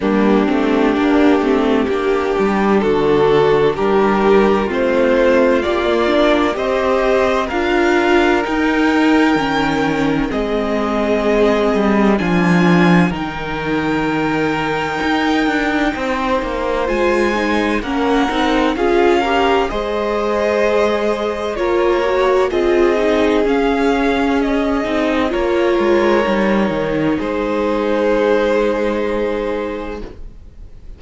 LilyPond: <<
  \new Staff \with { instrumentName = "violin" } { \time 4/4 \tempo 4 = 64 g'2. a'4 | ais'4 c''4 d''4 dis''4 | f''4 g''2 dis''4~ | dis''4 gis''4 g''2~ |
g''2 gis''4 fis''4 | f''4 dis''2 cis''4 | dis''4 f''4 dis''4 cis''4~ | cis''4 c''2. | }
  \new Staff \with { instrumentName = "violin" } { \time 4/4 d'2 g'4 fis'4 | g'4 f'2 c''4 | ais'2. gis'4~ | gis'4 f'4 ais'2~ |
ais'4 c''2 ais'4 | gis'8 ais'8 c''2 ais'4 | gis'2. ais'4~ | ais'4 gis'2. | }
  \new Staff \with { instrumentName = "viola" } { \time 4/4 ais8 c'8 d'8 c'8 d'2~ | d'4 c'4 g'16 ais16 d'8 g'4 | f'4 dis'4 cis'4 c'4~ | c'4 d'4 dis'2~ |
dis'2 f'8 dis'8 cis'8 dis'8 | f'8 g'8 gis'2 f'8 fis'8 | f'8 dis'8 cis'4. dis'8 f'4 | dis'1 | }
  \new Staff \with { instrumentName = "cello" } { \time 4/4 g8 a8 ais8 a8 ais8 g8 d4 | g4 a4 ais4 c'4 | d'4 dis'4 dis4 gis4~ | gis8 g8 f4 dis2 |
dis'8 d'8 c'8 ais8 gis4 ais8 c'8 | cis'4 gis2 ais4 | c'4 cis'4. c'8 ais8 gis8 | g8 dis8 gis2. | }
>>